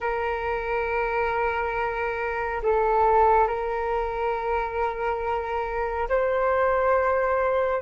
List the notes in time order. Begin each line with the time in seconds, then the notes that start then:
0.00 A#4
2.62 A4
3.47 A#4
6.08 C5